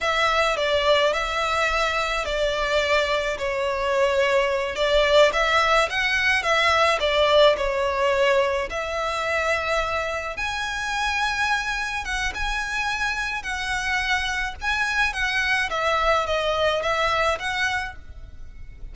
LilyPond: \new Staff \with { instrumentName = "violin" } { \time 4/4 \tempo 4 = 107 e''4 d''4 e''2 | d''2 cis''2~ | cis''8 d''4 e''4 fis''4 e''8~ | e''8 d''4 cis''2 e''8~ |
e''2~ e''8 gis''4.~ | gis''4. fis''8 gis''2 | fis''2 gis''4 fis''4 | e''4 dis''4 e''4 fis''4 | }